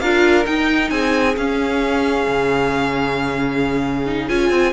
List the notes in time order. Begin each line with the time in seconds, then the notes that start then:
0.00 D4 F4 A#4 F5
0.45 D#4 G5
0.90 C4 G#4 G#5
1.37 C#4 F5
2.27 C#3
4.06 D#4
4.28 C#4 F4 G#5
4.50 C4